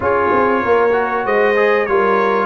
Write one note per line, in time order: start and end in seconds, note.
0.00 0.30 C#4
0.00 0.90 F4
0.00 0.62 G#4
0.00 1.26 C#5
0.32 0.63 C4
0.62 1.25 A#3
0.62 1.25 A#4
0.92 1.55 F#4
1.25 1.87 G#3
1.25 1.87 C5
1.25 1.86 D#5
1.55 1.86 G#4
1.86 2.46 G3
1.86 2.46 F4
1.86 2.46 A#4
1.86 2.46 C#5